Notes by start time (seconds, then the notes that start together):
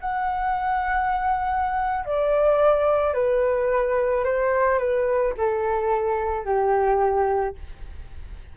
0.00 F#5
2.05 D5
3.14 B4
4.24 C5
4.78 B4
5.37 A4
6.45 G4